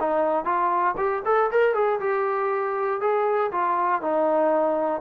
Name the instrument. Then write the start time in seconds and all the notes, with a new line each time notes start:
trombone
0.00 D#4
0.45 F4
0.97 G4
1.25 A4
1.51 A#4
1.74 G#4
2.00 G4
3.01 G#4
3.52 F4
4.02 D#4